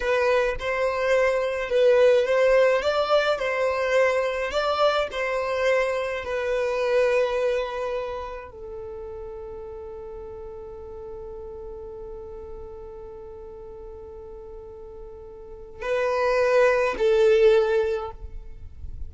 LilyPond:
\new Staff \with { instrumentName = "violin" } { \time 4/4 \tempo 4 = 106 b'4 c''2 b'4 | c''4 d''4 c''2 | d''4 c''2 b'4~ | b'2. a'4~ |
a'1~ | a'1~ | a'1 | b'2 a'2 | }